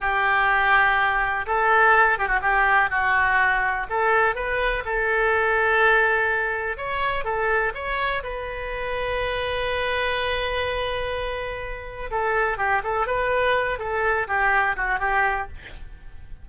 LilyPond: \new Staff \with { instrumentName = "oboe" } { \time 4/4 \tempo 4 = 124 g'2. a'4~ | a'8 g'16 fis'16 g'4 fis'2 | a'4 b'4 a'2~ | a'2 cis''4 a'4 |
cis''4 b'2.~ | b'1~ | b'4 a'4 g'8 a'8 b'4~ | b'8 a'4 g'4 fis'8 g'4 | }